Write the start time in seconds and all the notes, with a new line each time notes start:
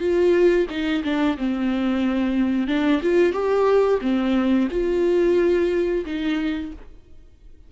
0.00 F4
0.70 D#4
1.04 D4
1.37 C4
2.68 D4
3.02 F4
3.32 G4
4.02 C4
4.71 F4
6.05 D#4